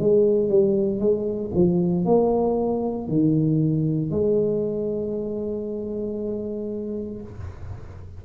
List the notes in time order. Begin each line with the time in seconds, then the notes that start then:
0.00 G#3
0.49 G3
1.00 G#3
1.55 F3
2.05 A#3
3.08 D#3
4.11 G#3